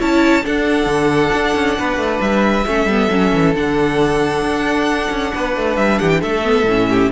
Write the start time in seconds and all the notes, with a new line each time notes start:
0.00 C#4 E4 C#5 A5
0.42 D4 A4 F#5
0.86 D3
1.34 D4
1.56 C#4
1.79 B3 B4
1.97 A3
2.21 G3 E5
2.67 A3 C#4 A4
2.86 G3 B3
3.11 F#3 C#4
3.34 E3
3.55 D3 D4 F#5
4.42 D4
5.10 C#4
5.35 B3 B4
5.57 A3
5.77 G3 E5
5.99 E3 G4 F#5
6.10 G5
6.21 A3 A4 E5
6.44 B3
6.65 A2 C#4
6.90 G4